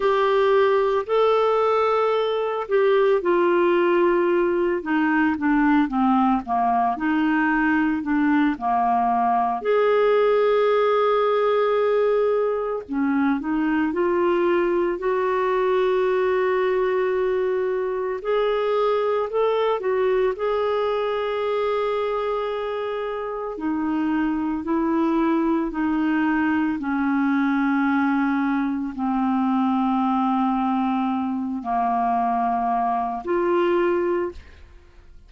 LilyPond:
\new Staff \with { instrumentName = "clarinet" } { \time 4/4 \tempo 4 = 56 g'4 a'4. g'8 f'4~ | f'8 dis'8 d'8 c'8 ais8 dis'4 d'8 | ais4 gis'2. | cis'8 dis'8 f'4 fis'2~ |
fis'4 gis'4 a'8 fis'8 gis'4~ | gis'2 dis'4 e'4 | dis'4 cis'2 c'4~ | c'4. ais4. f'4 | }